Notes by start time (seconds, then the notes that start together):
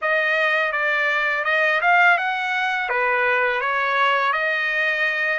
0.01 D#5
0.72 D5
1.44 D#5
1.81 F5
2.17 F#5
2.89 B4
3.60 C#5
4.32 D#5